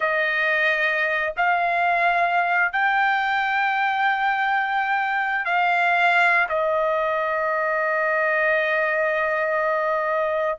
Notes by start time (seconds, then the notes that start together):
0.00 D#5
1.36 F5
2.72 G5
5.45 F5
6.49 D#5